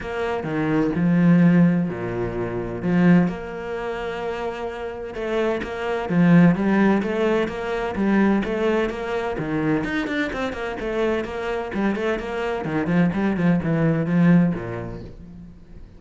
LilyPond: \new Staff \with { instrumentName = "cello" } { \time 4/4 \tempo 4 = 128 ais4 dis4 f2 | ais,2 f4 ais4~ | ais2. a4 | ais4 f4 g4 a4 |
ais4 g4 a4 ais4 | dis4 dis'8 d'8 c'8 ais8 a4 | ais4 g8 a8 ais4 dis8 f8 | g8 f8 e4 f4 ais,4 | }